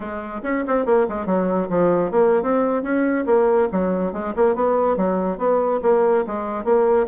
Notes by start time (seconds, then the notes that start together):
0.00 G#3
0.43 C#4
0.67 C4
0.85 A#3
1.09 G#3
1.26 F#3
1.69 F3
2.11 A#3
2.42 C4
2.83 C#4
3.26 A#3
3.71 F#3
4.12 G#3
4.36 A#3
4.55 B3
4.96 F#3
5.38 B3
5.82 A#3
6.26 G#3
6.64 A#3